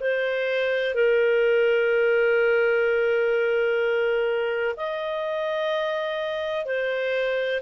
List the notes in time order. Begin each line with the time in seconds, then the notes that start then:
0.00 C5
0.94 A#4
4.77 D#5
6.65 C5